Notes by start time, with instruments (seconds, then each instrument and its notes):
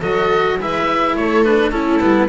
0.00 double bass F#3, cello F#4, viola A4, oboe D#5
0.59 double bass G#3, cello E4, viola B4, oboe E5
1.15 double bass A3, viola A4, oboe C#5
1.44 cello D4, oboe B4
1.71 cello C#4, viola E4, oboe A4
2.00 double bass G3, cello B3